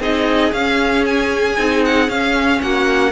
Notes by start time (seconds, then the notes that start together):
0.00 C4 D#4 G#4 D#5
0.52 C#4 F5
1.07 G#5
1.57 C4 D#4
1.85 F#5
2.09 C#4 F5
2.62 A#3 F#4 F#5